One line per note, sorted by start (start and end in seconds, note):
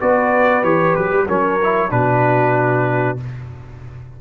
0.00 0.64 B3
0.00 0.63 F#4
0.00 1.27 B4
0.00 0.64 D5
0.63 0.95 E3
0.63 1.27 G4
0.63 0.95 C#5
0.95 1.12 F#3
0.95 1.27 B4
1.12 1.28 G3
1.27 1.92 F#3
1.27 1.61 C#4
1.27 1.91 A#4
1.27 1.91 C#5
1.64 1.90 E4
1.90 3.20 B2
1.90 3.18 D4
1.90 3.21 F#4
1.90 3.19 B4